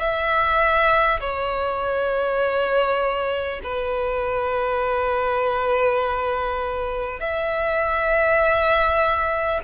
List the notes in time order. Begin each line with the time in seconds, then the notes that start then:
0.00 E5
1.21 C#5
3.64 B4
7.20 E5